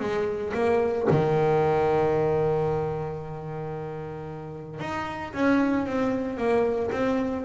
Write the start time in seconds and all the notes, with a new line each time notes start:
0.00 G#3
0.54 A#3
1.11 D#3
4.80 D#4
5.34 C#4
5.86 C4
6.38 A#3
6.92 C4